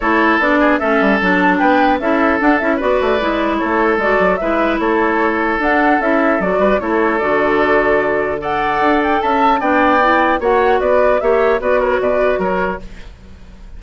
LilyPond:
<<
  \new Staff \with { instrumentName = "flute" } { \time 4/4 \tempo 4 = 150 cis''4 d''4 e''4 a''4 | g''4 e''4 fis''8 e''8 d''4~ | d''4 cis''4 d''4 e''4 | cis''2 fis''4 e''4 |
d''4 cis''4 d''2~ | d''4 fis''4. g''8 a''4 | g''2 fis''4 d''4 | e''4 d''8 cis''8 d''4 cis''4 | }
  \new Staff \with { instrumentName = "oboe" } { \time 4/4 a'4. gis'8 a'2 | b'4 a'2 b'4~ | b'4 a'2 b'4 | a'1~ |
a'8 b'8 a'2.~ | a'4 d''2 e''4 | d''2 cis''4 b'4 | cis''4 b'8 ais'8 b'4 ais'4 | }
  \new Staff \with { instrumentName = "clarinet" } { \time 4/4 e'4 d'4 cis'4 d'4~ | d'4 e'4 d'8 e'8 fis'4 | e'2 fis'4 e'4~ | e'2 d'4 e'4 |
fis'4 e'4 fis'2~ | fis'4 a'2. | d'4 e'4 fis'2 | g'4 fis'2. | }
  \new Staff \with { instrumentName = "bassoon" } { \time 4/4 a4 b4 a8 g8 fis4 | b4 cis'4 d'8 cis'8 b8 a8 | gis4 a4 gis8 fis8 gis4 | a2 d'4 cis'4 |
fis8 g8 a4 d2~ | d2 d'4 cis'4 | b2 ais4 b4 | ais4 b4 b,4 fis4 | }
>>